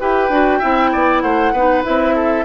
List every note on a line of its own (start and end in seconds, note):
0.00 0.30 E4
0.00 0.31 G4
0.00 0.60 B4
0.00 1.21 G5
0.30 0.60 D4
0.30 0.62 F#4
0.60 0.95 C4
0.60 1.55 E4
0.60 0.90 E5
0.92 1.23 B3
0.92 1.23 D5
1.21 1.53 A3
1.21 1.53 C5
1.21 1.83 F#5
1.53 1.84 B3
1.53 1.84 D#4
1.53 2.15 B4
1.84 2.45 C4
1.84 2.45 E4
1.84 2.45 E5
2.16 2.45 A4